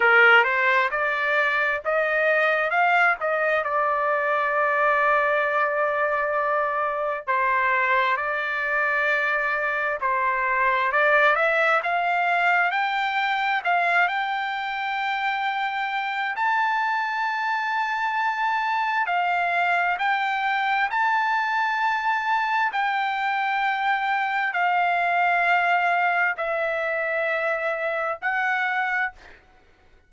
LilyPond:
\new Staff \with { instrumentName = "trumpet" } { \time 4/4 \tempo 4 = 66 ais'8 c''8 d''4 dis''4 f''8 dis''8 | d''1 | c''4 d''2 c''4 | d''8 e''8 f''4 g''4 f''8 g''8~ |
g''2 a''2~ | a''4 f''4 g''4 a''4~ | a''4 g''2 f''4~ | f''4 e''2 fis''4 | }